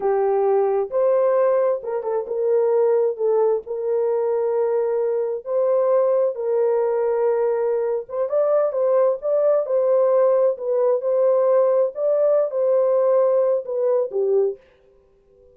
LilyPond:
\new Staff \with { instrumentName = "horn" } { \time 4/4 \tempo 4 = 132 g'2 c''2 | ais'8 a'8 ais'2 a'4 | ais'1 | c''2 ais'2~ |
ais'4.~ ais'16 c''8 d''4 c''8.~ | c''16 d''4 c''2 b'8.~ | b'16 c''2 d''4~ d''16 c''8~ | c''2 b'4 g'4 | }